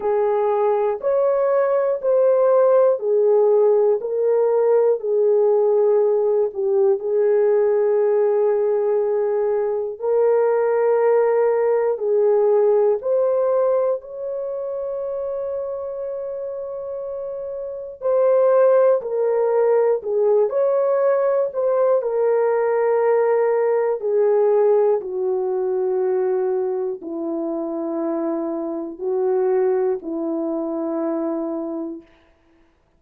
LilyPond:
\new Staff \with { instrumentName = "horn" } { \time 4/4 \tempo 4 = 60 gis'4 cis''4 c''4 gis'4 | ais'4 gis'4. g'8 gis'4~ | gis'2 ais'2 | gis'4 c''4 cis''2~ |
cis''2 c''4 ais'4 | gis'8 cis''4 c''8 ais'2 | gis'4 fis'2 e'4~ | e'4 fis'4 e'2 | }